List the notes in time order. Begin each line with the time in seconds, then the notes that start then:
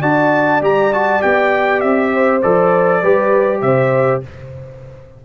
0.00 D4 F#4 D5 A5
0.60 G3 G4 A#5
0.93 F#4 A5
1.21 B3 G4 G5
1.80 C4 E5
2.13 C5
2.42 F3 A4 D5
3.02 G3 G4 B4
3.61 C3 C5 E5